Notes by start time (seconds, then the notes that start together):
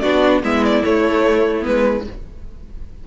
0.00 B3 D4 F#4 D5
0.43 G#3 B3 E4 E5
0.64 D5
0.83 A3 C#5
1.61 G#3 B3 B4